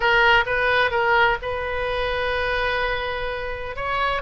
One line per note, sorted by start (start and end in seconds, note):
0.00 0.44 A#4
0.46 0.90 B4
0.90 1.37 A#4
1.41 3.75 B4
3.75 4.22 C#5